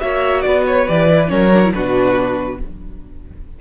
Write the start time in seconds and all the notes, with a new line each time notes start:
0.00 A#3 F#4 C#5 E5
0.41 B3 D5
0.48 B4
0.67 C#5
0.87 E3 G4 D5
1.07 E4
1.27 F#3 C#4 A#4 C#5
1.53 D4
1.64 E4
1.73 B2 D4 F#4 B4